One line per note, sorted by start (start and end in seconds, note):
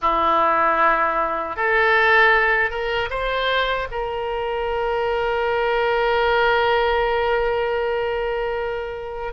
0.01 1.56 E4
1.56 2.70 A4
2.70 3.09 A#4
3.10 3.87 C5
3.91 9.33 A#4